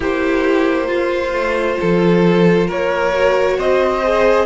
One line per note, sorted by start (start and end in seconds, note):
0.00 1.33 A#3
0.00 0.87 E4
0.00 0.87 G4
0.00 2.70 C5
0.87 3.10 F4
0.87 1.77 F4
1.33 1.78 A3
1.79 2.70 F3
1.79 2.67 A4
2.67 3.58 A#3
2.67 3.57 A#4
2.67 3.59 C#5
3.12 4.02 F#4
3.57 4.45 C4
3.57 4.45 C5
3.57 4.45 D#5
4.03 4.45 G#4